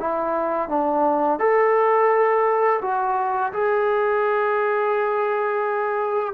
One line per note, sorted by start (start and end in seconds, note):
0.00 0.69 E4
0.69 1.40 D4
1.40 2.81 A4
2.82 3.53 F#4
3.53 6.34 G#4